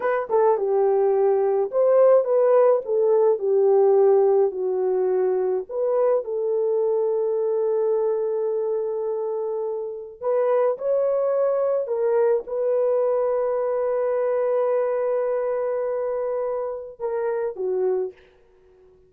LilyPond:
\new Staff \with { instrumentName = "horn" } { \time 4/4 \tempo 4 = 106 b'8 a'8 g'2 c''4 | b'4 a'4 g'2 | fis'2 b'4 a'4~ | a'1~ |
a'2 b'4 cis''4~ | cis''4 ais'4 b'2~ | b'1~ | b'2 ais'4 fis'4 | }